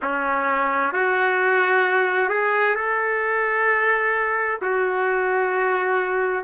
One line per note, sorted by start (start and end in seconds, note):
0.02 0.92 C#4
0.92 2.29 F#4
2.29 2.75 G#4
2.75 4.59 A4
4.61 6.44 F#4